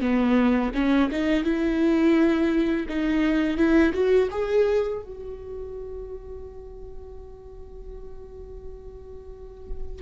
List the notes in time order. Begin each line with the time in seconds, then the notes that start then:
0.00 B3
0.74 C#4
1.11 D#4
1.44 E4
2.88 D#4
3.57 E4
3.93 F#4
4.31 G#4
5.02 F#4